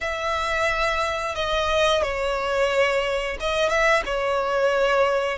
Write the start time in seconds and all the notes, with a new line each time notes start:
0.00 E5
1.35 D#5
2.02 C#5
3.40 D#5
3.69 E5
4.05 C#5